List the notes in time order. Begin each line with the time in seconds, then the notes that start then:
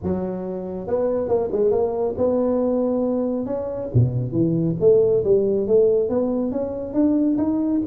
0.03 F#3
0.87 B3
1.28 A#3
1.51 G#3
1.71 A#3
2.17 B3
3.46 C#4
3.94 B2
4.32 E3
4.79 A3
5.24 G3
5.67 A3
6.09 B3
6.51 C#4
6.93 D4
7.37 D#4